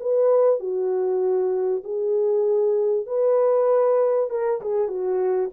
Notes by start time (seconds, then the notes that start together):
0.00 B4
0.60 F#4
1.84 G#4
3.06 B4
4.30 A#4
4.61 G#4
4.88 F#4